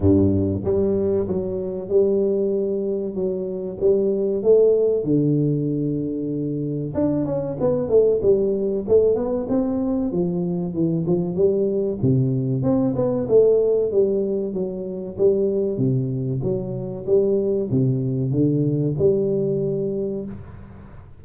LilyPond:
\new Staff \with { instrumentName = "tuba" } { \time 4/4 \tempo 4 = 95 g,4 g4 fis4 g4~ | g4 fis4 g4 a4 | d2. d'8 cis'8 | b8 a8 g4 a8 b8 c'4 |
f4 e8 f8 g4 c4 | c'8 b8 a4 g4 fis4 | g4 c4 fis4 g4 | c4 d4 g2 | }